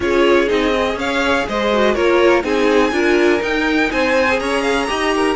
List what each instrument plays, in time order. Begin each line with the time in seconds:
0.00 cello C#4, viola F4, violin G#4 C#5
0.47 cello C4, viola D#4, violin D#5
0.75 viola G#4
0.94 cello C#4, violin C#5 F5
1.48 cello G#3, violin C5 D#5
1.73 viola F#4
1.94 cello A#3, viola F4, violin A#4 C#5
2.42 cello C4, viola D#4, violin G#4 G#5
2.92 cello D4, viola F4, violin A#4
3.39 viola D#4, cello D#4, violin G5
3.91 cello C4, violin C5 G#5
4.27 viola G#4
4.39 cello C#4, violin C#5 A#5
4.61 violin F5
4.87 cello D#4, viola G4, violin D#5
5.15 violin A#4